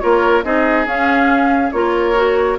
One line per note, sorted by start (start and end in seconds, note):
0.00 0.44 A#3
0.00 0.44 F4
0.00 0.45 A#4
0.00 0.43 C#5
0.44 0.86 C4
0.44 0.86 D#4
0.44 1.73 G#4
0.44 0.87 D#5
0.86 1.72 C#4
0.86 1.73 C#4
0.86 1.72 F5
1.72 2.59 A#3
1.72 2.15 F4
1.72 2.59 A#4
1.72 2.57 C#5
2.15 2.58 F#4